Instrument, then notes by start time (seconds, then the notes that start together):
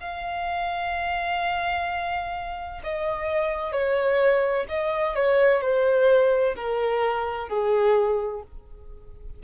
violin
0.00 F5
2.83 D#5
3.72 C#5
4.68 D#5
5.15 C#5
5.61 C5
6.56 A#4
7.49 G#4